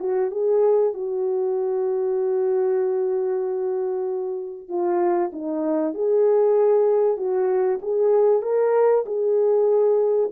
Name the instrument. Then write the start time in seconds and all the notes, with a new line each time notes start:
horn
0.00 F#4
0.32 G#4
0.94 F#4
4.69 F4
5.33 D#4
5.94 G#4
7.17 F#4
7.82 G#4
8.43 A#4
9.06 G#4